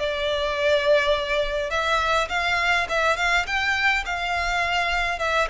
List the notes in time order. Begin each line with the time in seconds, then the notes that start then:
0.00 D5
1.71 E5
2.29 F5
2.89 E5
3.17 F5
3.47 G5
4.06 F5
5.19 E5